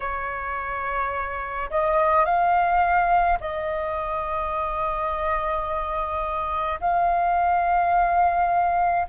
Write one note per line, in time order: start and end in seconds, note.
0.00 1.70 C#5
1.70 2.25 D#5
2.25 3.38 F5
3.40 6.79 D#5
6.80 9.06 F5